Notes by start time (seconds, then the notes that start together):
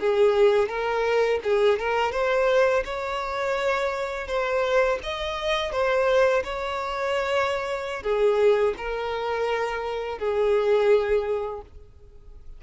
0.00 G#4
0.68 A#4
1.43 G#4
1.79 A#4
2.12 C5
2.84 C#5
4.27 C5
5.03 D#5
5.72 C5
6.44 C#5
8.03 G#4
8.77 A#4
10.19 G#4